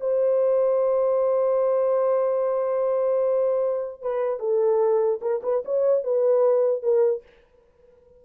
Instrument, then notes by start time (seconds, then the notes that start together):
horn
0.00 C5
4.02 B4
4.39 A4
5.21 A#4
5.43 B4
5.65 C#5
6.03 B4
6.82 A#4